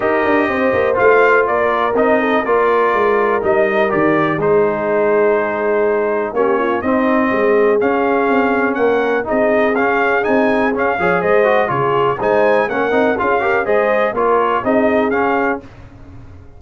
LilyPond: <<
  \new Staff \with { instrumentName = "trumpet" } { \time 4/4 \tempo 4 = 123 dis''2 f''4 d''4 | dis''4 d''2 dis''4 | d''4 c''2.~ | c''4 cis''4 dis''2 |
f''2 fis''4 dis''4 | f''4 gis''4 f''4 dis''4 | cis''4 gis''4 fis''4 f''4 | dis''4 cis''4 dis''4 f''4 | }
  \new Staff \with { instrumentName = "horn" } { \time 4/4 ais'4 c''2 ais'4~ | ais'8 a'8 ais'2.~ | ais'4 gis'2.~ | gis'4 g'8 f'8 dis'4 gis'4~ |
gis'2 ais'4 gis'4~ | gis'2~ gis'8 cis''8 c''4 | gis'4 c''4 ais'4 gis'8 ais'8 | c''4 ais'4 gis'2 | }
  \new Staff \with { instrumentName = "trombone" } { \time 4/4 g'2 f'2 | dis'4 f'2 dis'4 | g'4 dis'2.~ | dis'4 cis'4 c'2 |
cis'2. dis'4 | cis'4 dis'4 cis'8 gis'4 fis'8 | f'4 dis'4 cis'8 dis'8 f'8 g'8 | gis'4 f'4 dis'4 cis'4 | }
  \new Staff \with { instrumentName = "tuba" } { \time 4/4 dis'8 d'8 c'8 ais8 a4 ais4 | c'4 ais4 gis4 g4 | dis4 gis2.~ | gis4 ais4 c'4 gis4 |
cis'4 c'4 ais4 c'4 | cis'4 c'4 cis'8 f8 gis4 | cis4 gis4 ais8 c'8 cis'4 | gis4 ais4 c'4 cis'4 | }
>>